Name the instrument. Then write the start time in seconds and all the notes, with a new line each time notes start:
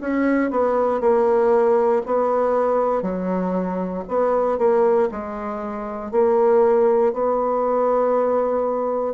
bassoon
0.00 C#4
0.50 B3
1.00 A#3
2.05 B3
3.02 F#3
4.08 B3
4.58 A#3
5.11 G#3
6.11 A#3
7.13 B3